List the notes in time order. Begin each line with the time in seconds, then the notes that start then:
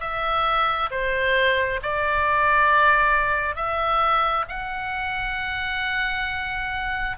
0.00 E5
0.91 C5
1.82 D5
3.55 E5
4.48 F#5